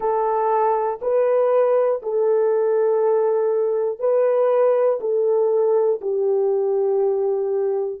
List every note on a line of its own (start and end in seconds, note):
0.00 0.99 A4
1.01 2.01 B4
2.02 3.99 A4
3.99 4.99 B4
5.00 6.00 A4
6.00 8.00 G4